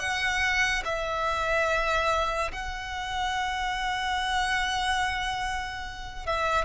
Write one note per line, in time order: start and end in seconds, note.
0.00 0.83 F#5
0.85 2.52 E5
2.52 6.27 F#5
6.27 6.66 E5